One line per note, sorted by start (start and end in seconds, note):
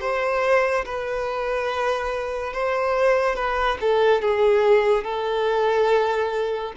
0.00 0.85 C5
0.85 2.53 B4
2.53 3.35 C5
3.35 3.78 B4
3.80 4.21 A4
4.21 5.04 G#4
5.04 6.73 A4